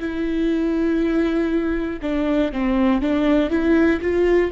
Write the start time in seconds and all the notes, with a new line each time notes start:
0.00 E4
2.02 D4
2.53 C4
3.01 D4
3.50 E4
4.01 F4